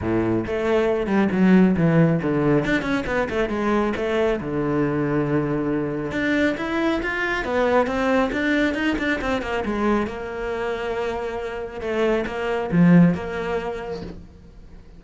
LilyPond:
\new Staff \with { instrumentName = "cello" } { \time 4/4 \tempo 4 = 137 a,4 a4. g8 fis4 | e4 d4 d'8 cis'8 b8 a8 | gis4 a4 d2~ | d2 d'4 e'4 |
f'4 b4 c'4 d'4 | dis'8 d'8 c'8 ais8 gis4 ais4~ | ais2. a4 | ais4 f4 ais2 | }